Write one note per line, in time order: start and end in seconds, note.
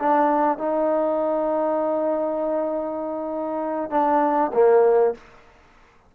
0.00 0.59 D4
0.59 3.91 D#4
3.91 4.52 D4
4.54 5.15 A#3